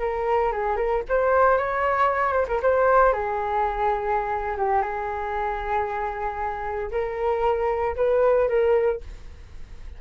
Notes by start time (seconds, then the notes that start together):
0.00 A#4
0.52 G#4
0.77 A#4
1.09 C5
1.58 C#5
2.33 C5
2.48 A#4
2.63 C5
3.13 G#4
4.58 G4
4.82 G#4
6.92 A#4
7.96 B4
8.49 A#4